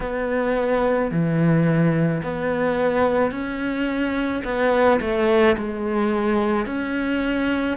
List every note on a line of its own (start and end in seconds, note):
0.00 1.11 B3
1.11 2.22 E3
2.22 3.31 B3
3.31 4.42 C#4
4.44 4.99 B3
5.01 5.56 A3
5.57 6.66 G#3
6.66 7.77 C#4